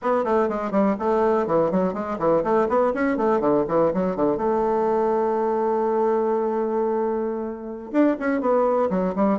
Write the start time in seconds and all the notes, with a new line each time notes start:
0.02 B3
0.24 A3
0.48 G#3
0.71 G3
0.99 A3
1.46 E3
1.71 F#3
1.93 G#3
2.18 E3
2.43 A3
2.68 B3
2.94 C#4
3.17 A3
3.40 D3
3.68 E3
3.93 F#3
4.16 D3
4.37 A3
7.92 D4
8.19 C#4
8.41 B3
8.90 F#3
9.15 G3